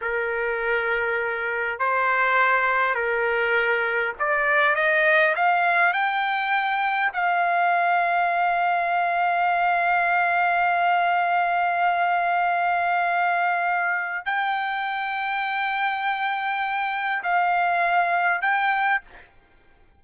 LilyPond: \new Staff \with { instrumentName = "trumpet" } { \time 4/4 \tempo 4 = 101 ais'2. c''4~ | c''4 ais'2 d''4 | dis''4 f''4 g''2 | f''1~ |
f''1~ | f''1 | g''1~ | g''4 f''2 g''4 | }